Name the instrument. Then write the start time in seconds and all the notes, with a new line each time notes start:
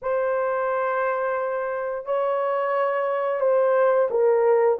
horn
0.02 C5
2.05 C#5
3.40 C5
4.10 A#4